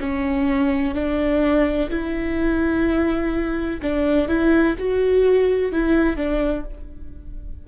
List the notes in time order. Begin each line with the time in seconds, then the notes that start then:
0.00 C#4
0.94 D4
1.90 E4
3.82 D4
4.28 E4
4.78 F#4
5.72 E4
6.16 D4